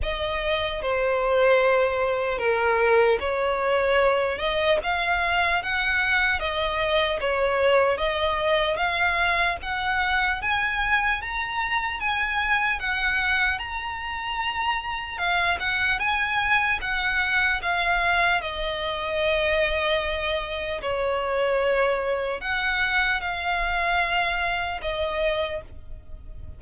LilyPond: \new Staff \with { instrumentName = "violin" } { \time 4/4 \tempo 4 = 75 dis''4 c''2 ais'4 | cis''4. dis''8 f''4 fis''4 | dis''4 cis''4 dis''4 f''4 | fis''4 gis''4 ais''4 gis''4 |
fis''4 ais''2 f''8 fis''8 | gis''4 fis''4 f''4 dis''4~ | dis''2 cis''2 | fis''4 f''2 dis''4 | }